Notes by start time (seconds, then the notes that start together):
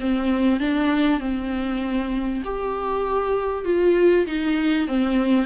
0.00 C4
0.60 D4
1.20 C4
2.44 G4
3.65 F4
4.26 D#4
4.88 C4